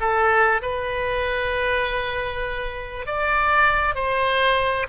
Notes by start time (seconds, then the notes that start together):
0.00 A4
0.62 B4
3.06 D5
3.95 C5